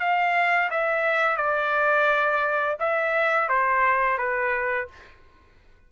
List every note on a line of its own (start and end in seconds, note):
0.00 0.70 F5
0.70 1.37 E5
1.37 2.76 D5
2.80 3.49 E5
3.49 4.18 C5
4.18 4.88 B4